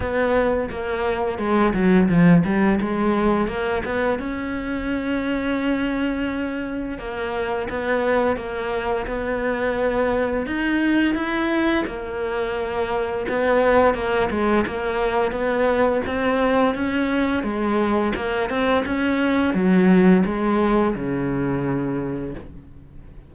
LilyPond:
\new Staff \with { instrumentName = "cello" } { \time 4/4 \tempo 4 = 86 b4 ais4 gis8 fis8 f8 g8 | gis4 ais8 b8 cis'2~ | cis'2 ais4 b4 | ais4 b2 dis'4 |
e'4 ais2 b4 | ais8 gis8 ais4 b4 c'4 | cis'4 gis4 ais8 c'8 cis'4 | fis4 gis4 cis2 | }